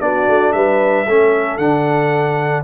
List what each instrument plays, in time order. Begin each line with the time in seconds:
0.00 tuba B3, trombone D4, horn F#4, trumpet D5
0.28 tuba A3
0.52 tuba G3, horn B4, trumpet E5
1.05 tuba A3, trombone C#4, horn A4
1.57 tuba D3, trombone D4, trumpet F#5